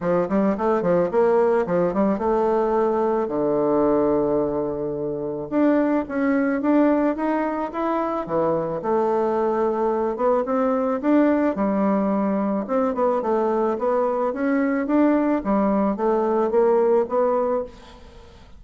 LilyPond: \new Staff \with { instrumentName = "bassoon" } { \time 4/4 \tempo 4 = 109 f8 g8 a8 f8 ais4 f8 g8 | a2 d2~ | d2 d'4 cis'4 | d'4 dis'4 e'4 e4 |
a2~ a8 b8 c'4 | d'4 g2 c'8 b8 | a4 b4 cis'4 d'4 | g4 a4 ais4 b4 | }